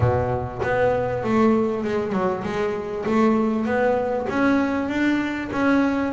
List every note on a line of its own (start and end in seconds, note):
0.00 0.61 B2
0.62 1.23 B3
1.23 1.83 A3
1.83 2.12 G#3
2.12 2.43 F#3
2.43 3.04 G#3
3.06 3.65 A3
3.65 4.27 B3
4.29 4.88 C#4
4.88 5.49 D4
5.52 6.12 C#4